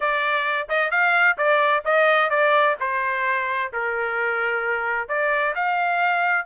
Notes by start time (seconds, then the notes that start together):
0.00 D5
0.68 D#5
0.90 F5
1.37 D5
1.84 D#5
2.30 D5
2.80 C5
3.73 A#4
5.08 D5
5.55 F5